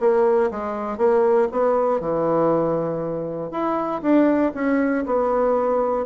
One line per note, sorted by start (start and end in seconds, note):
0.00 0.50 A#3
0.51 0.98 G#3
0.98 1.48 A#3
1.52 2.00 B3
2.00 3.51 E3
3.51 4.02 E4
4.02 4.52 D4
4.54 5.05 C#4
5.06 6.06 B3